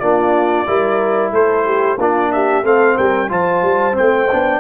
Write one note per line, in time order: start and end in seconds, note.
0.00 0.66 A#3
0.00 0.66 D4
0.00 0.67 F4
0.00 1.32 D5
0.66 1.31 G3
0.66 1.98 E4
0.66 1.33 A#4
1.31 1.97 A3
1.31 1.65 A4
1.31 2.00 C5
1.65 1.98 G4
1.97 2.63 A#3
1.97 2.64 D4
1.97 2.31 F4
1.97 2.32 D5
2.32 2.66 G4
2.32 2.65 E5
2.63 2.96 A3
2.63 3.29 C4
2.63 2.96 A4
2.63 2.98 F5
2.96 3.30 G3
2.96 3.29 A#4
2.96 3.30 G5
3.29 3.62 F3
3.29 3.93 F4
3.29 4.60 C5
3.29 3.97 A5
3.62 3.95 G3
3.93 4.26 C4
3.93 4.60 G5
3.99 4.32 A3
4.31 4.60 B3
4.31 4.60 D4